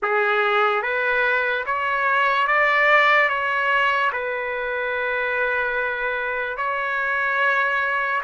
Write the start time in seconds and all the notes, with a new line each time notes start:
0.02 G#4
0.82 B4
1.66 C#5
2.47 D5
3.28 C#5
4.12 B4
6.57 C#5